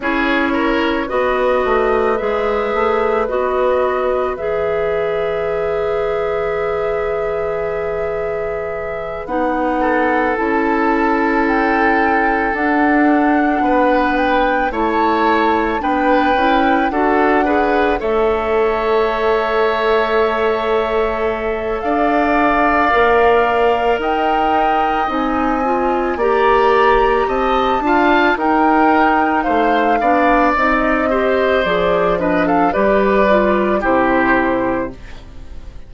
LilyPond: <<
  \new Staff \with { instrumentName = "flute" } { \time 4/4 \tempo 4 = 55 cis''4 dis''4 e''4 dis''4 | e''1~ | e''8 fis''4 a''4 g''4 fis''8~ | fis''4 g''8 a''4 g''4 fis''8~ |
fis''8 e''2.~ e''8 | f''2 g''4 gis''4 | ais''4 a''4 g''4 f''4 | dis''4 d''8 dis''16 f''16 d''4 c''4 | }
  \new Staff \with { instrumentName = "oboe" } { \time 4/4 gis'8 ais'8 b'2.~ | b'1~ | b'4 a'2.~ | a'8 b'4 cis''4 b'4 a'8 |
b'8 cis''2.~ cis''8 | d''2 dis''2 | d''4 dis''8 f''8 ais'4 c''8 d''8~ | d''8 c''4 b'16 a'16 b'4 g'4 | }
  \new Staff \with { instrumentName = "clarinet" } { \time 4/4 e'4 fis'4 gis'4 fis'4 | gis'1~ | gis'8 dis'4 e'2 d'8~ | d'4. e'4 d'8 e'8 fis'8 |
gis'8 a'2.~ a'8~ | a'4 ais'2 dis'8 f'8 | g'4. f'8 dis'4. d'8 | dis'8 g'8 gis'8 d'8 g'8 f'8 e'4 | }
  \new Staff \with { instrumentName = "bassoon" } { \time 4/4 cis'4 b8 a8 gis8 a8 b4 | e1~ | e8 b4 cis'2 d'8~ | d'8 b4 a4 b8 cis'8 d'8~ |
d'8 a2.~ a8 | d'4 ais4 dis'4 c'4 | ais4 c'8 d'8 dis'4 a8 b8 | c'4 f4 g4 c4 | }
>>